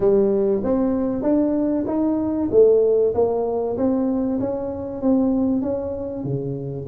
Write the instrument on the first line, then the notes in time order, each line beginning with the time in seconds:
tuba
0.00 G3
0.63 C4
1.22 D4
1.87 D#4
2.51 A3
3.14 A#3
3.77 C4
4.40 C#4
5.01 C4
5.61 C#4
6.24 C#3